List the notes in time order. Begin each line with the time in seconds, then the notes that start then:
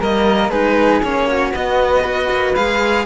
0.00 G3 A#3 A#4 D#5
0.49 G#3 D#4 G#4 B4
1.02 A#3 C#4 C#5
1.27 F#4
1.51 B3 D#5
2.02 F#4 B4
2.30 A#3
2.55 G#3 G#4 F5